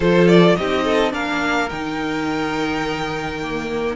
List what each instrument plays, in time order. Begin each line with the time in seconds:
0.00 cello F3, viola F4, violin A4 C5
0.28 violin D5
0.55 cello C4, viola D#4, violin G4 D#5
0.84 violin A4
1.11 cello A#3, viola D4, violin A#4 F5
1.69 cello D#3, viola D#4, violin G5
3.42 viola A#3